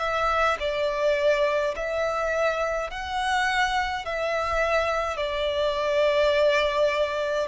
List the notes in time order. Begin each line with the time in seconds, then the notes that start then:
0.00 E5
0.60 D5
1.77 E5
2.91 F#5
4.05 E5
5.17 D5